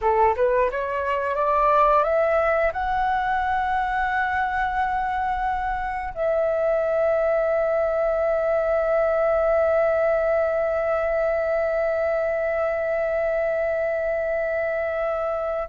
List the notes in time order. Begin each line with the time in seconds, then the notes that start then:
0.01 A4
0.36 B4
0.70 C#5
1.35 D5
2.03 E5
2.73 F#5
6.14 E5